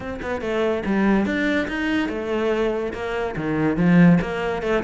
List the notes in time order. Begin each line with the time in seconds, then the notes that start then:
0.00 C4
0.21 B3
0.41 A3
0.85 G3
1.25 D4
1.68 D#4
2.08 A3
2.93 A#3
3.36 D#3
3.76 F3
4.21 A#3
4.62 A3